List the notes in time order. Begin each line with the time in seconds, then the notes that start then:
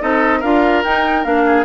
0.00 C4 D#4 A4 D#5
0.39 D4 F4 A#4 F5
0.84 D#4 G5
1.24 A#3 D4 F5
1.46 G#4